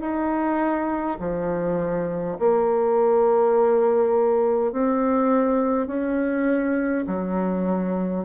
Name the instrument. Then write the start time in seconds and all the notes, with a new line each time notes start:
bassoon
0.00 D#4
1.19 F3
2.39 A#3
4.72 C4
5.87 C#4
7.06 F#3